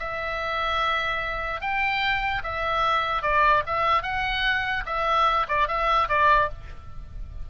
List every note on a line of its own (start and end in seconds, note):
0.00 1.62 E5
1.62 2.43 G5
2.44 3.23 E5
3.23 3.63 D5
3.67 4.03 E5
4.03 4.84 F#5
4.86 5.47 E5
5.49 5.68 D5
5.68 6.09 E5
6.09 6.49 D5